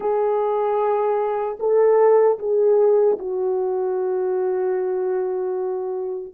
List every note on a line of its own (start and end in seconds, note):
0.00 1.58 G#4
1.59 2.38 A4
2.39 3.18 G#4
3.18 6.33 F#4